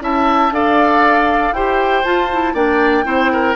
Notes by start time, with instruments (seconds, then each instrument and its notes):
0.00 bassoon C#4, clarinet E4, oboe E5, flute A5
0.51 bassoon D4, clarinet A4, oboe D5, flute F5
1.52 bassoon E4, clarinet G4, oboe C5, flute G5
2.03 clarinet F4, bassoon F4, flute A5
2.32 clarinet E4
2.54 bassoon A#3, clarinet D4, oboe D5, flute G5
3.04 bassoon C4, clarinet E4, oboe C5
3.32 oboe A#4